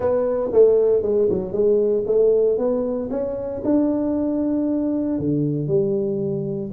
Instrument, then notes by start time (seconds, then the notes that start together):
tuba
0.00 B3
0.52 A3
1.02 G#3
1.29 F#3
1.52 G#3
2.06 A3
2.58 B3
3.10 C#4
3.64 D4
5.18 D3
5.67 G3